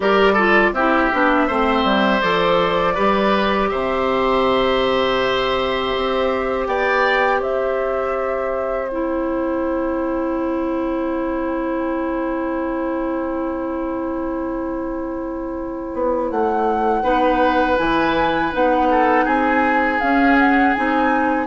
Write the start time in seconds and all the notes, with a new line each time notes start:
0.00 G3 G4 A#4 D5
0.33 F4 A4
0.72 C4 E4 G4 E5
1.12 B3 D4
1.47 A3 C4 C5
1.84 G3
2.21 F3 A4 D5
2.94 G3 G4 B4
3.69 C3 C5 E5
5.96 C4
6.67 B3 D5 G5
7.39 C4 C5 E5
8.87 E4 G5
15.93 B3
16.30 A3 F#5
17.02 B3 D#4 B4
17.77 E3 E4 G#5
18.52 B3 D#4 F#5
18.91 A4
19.24 C4 G#4 G#5
20.00 C#4 F5
20.38 F#5
20.73 C4 D#4 G#5